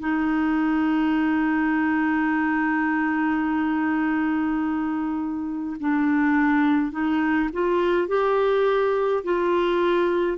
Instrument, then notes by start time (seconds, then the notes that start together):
clarinet
0.00 D#4
5.81 D4
6.92 D#4
7.53 F4
8.08 G4
9.24 F4